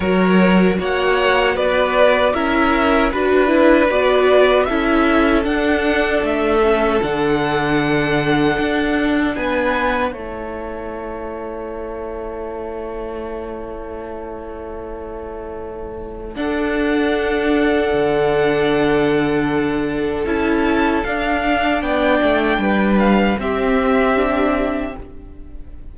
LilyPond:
<<
  \new Staff \with { instrumentName = "violin" } { \time 4/4 \tempo 4 = 77 cis''4 fis''4 d''4 e''4 | b'4 d''4 e''4 fis''4 | e''4 fis''2. | gis''4 a''2.~ |
a''1~ | a''4 fis''2.~ | fis''2 a''4 f''4 | g''4. f''8 e''2 | }
  \new Staff \with { instrumentName = "violin" } { \time 4/4 ais'4 cis''4 b'4 ais'4 | b'2 a'2~ | a'1 | b'4 cis''2.~ |
cis''1~ | cis''4 a'2.~ | a'1 | d''4 b'4 g'2 | }
  \new Staff \with { instrumentName = "viola" } { \time 4/4 fis'2. e'4 | fis'8 e'8 fis'4 e'4 d'4~ | d'8 cis'8 d'2.~ | d'4 e'2.~ |
e'1~ | e'4 d'2.~ | d'2 e'4 d'4~ | d'2 c'4 d'4 | }
  \new Staff \with { instrumentName = "cello" } { \time 4/4 fis4 ais4 b4 cis'4 | d'4 b4 cis'4 d'4 | a4 d2 d'4 | b4 a2.~ |
a1~ | a4 d'2 d4~ | d2 cis'4 d'4 | b8 a8 g4 c'2 | }
>>